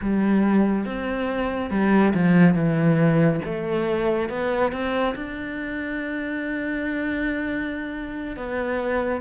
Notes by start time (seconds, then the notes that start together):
0.01 G3
0.85 C4
1.70 G3
2.14 F3
2.54 E3
3.44 A3
4.29 B3
4.71 C4
5.15 D4
8.36 B3